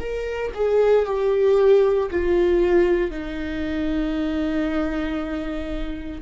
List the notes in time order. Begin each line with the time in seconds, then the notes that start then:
0.00 A#4
0.54 G#4
1.06 G4
2.11 F4
3.11 D#4